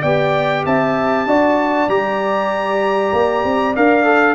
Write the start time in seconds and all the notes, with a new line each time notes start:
0.00 B3 G4 D5 G5
0.65 C4 E5 A5
1.25 D4 F#4 D5
1.88 G3 G4 A#5
3.12 A#3
3.44 C4
3.75 D4 A#4 F5
4.04 A4